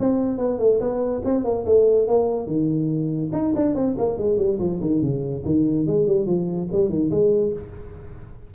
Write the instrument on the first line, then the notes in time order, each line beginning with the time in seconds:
tuba
0.00 C4
0.38 B3
0.59 A3
0.80 B3
1.25 C4
1.45 A#3
1.66 A3
2.08 A#3
2.47 D#3
3.33 D#4
3.56 D4
3.75 C4
3.98 A#3
4.18 G#3
4.38 G3
4.59 F3
4.81 D#3
5.02 C#3
5.45 D#3
5.87 G#3
6.07 G3
6.27 F3
6.72 G3
6.89 D#3
7.11 G#3